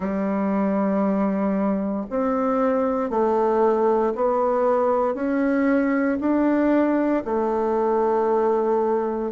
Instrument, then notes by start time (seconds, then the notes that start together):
bassoon
0.00 G3
2.10 C4
3.09 A3
4.15 B3
5.14 C#4
6.20 D4
7.25 A3